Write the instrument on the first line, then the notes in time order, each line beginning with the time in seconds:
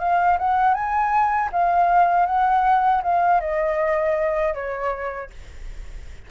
flute
0.00 F5
0.39 F#5
0.74 G#5
1.52 F5
2.27 F#5
3.03 F5
3.41 D#5
4.55 C#5